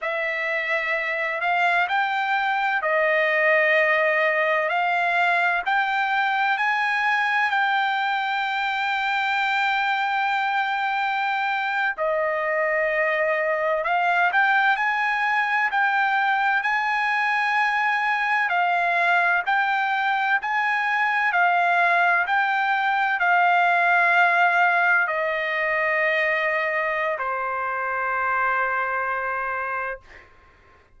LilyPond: \new Staff \with { instrumentName = "trumpet" } { \time 4/4 \tempo 4 = 64 e''4. f''8 g''4 dis''4~ | dis''4 f''4 g''4 gis''4 | g''1~ | g''8. dis''2 f''8 g''8 gis''16~ |
gis''8. g''4 gis''2 f''16~ | f''8. g''4 gis''4 f''4 g''16~ | g''8. f''2 dis''4~ dis''16~ | dis''4 c''2. | }